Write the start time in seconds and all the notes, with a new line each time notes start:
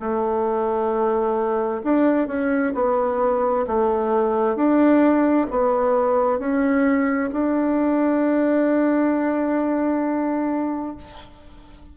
0.00 A3
1.84 D4
2.28 C#4
2.75 B3
3.67 A3
4.56 D4
5.51 B3
6.39 C#4
7.33 D4